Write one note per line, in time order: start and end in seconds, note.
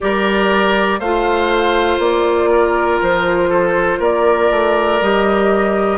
0.00 0.99 G3
0.00 1.00 G4
0.00 0.99 A#4
0.00 0.99 D5
0.99 1.98 A3
0.99 5.02 F4
0.99 2.49 C5
0.99 1.99 F5
1.98 2.98 A#3
1.98 3.00 D5
2.51 3.49 A#4
3.01 3.99 F3
3.01 4.02 C5
3.49 3.98 A4
3.98 4.49 A#3
3.98 5.97 A#4
3.98 5.02 D5
4.50 5.00 A3
5.01 5.97 G3
5.01 5.97 G4
5.01 5.97 D#5